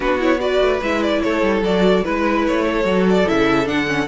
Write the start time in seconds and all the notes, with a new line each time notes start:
0.00 B3 D4 F#4 B4
0.19 E4 C#5
0.39 F#4 B4 D5
0.60 A3
0.81 G#3 E4 E5
1.02 D5
1.21 A3 A4 C#5
1.42 G3
1.61 F#3 F#4 D5
2.03 G#3 E4 B4
2.47 A3 C#5
2.65 A4
2.84 F#3 F#4
3.09 D5
3.26 C#3 E4 E5
3.65 D3 D4 F#5
3.87 C#4